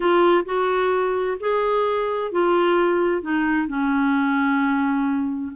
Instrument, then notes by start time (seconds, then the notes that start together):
clarinet
0.00 F4
0.45 F#4
1.40 G#4
2.31 F4
3.22 D#4
3.67 C#4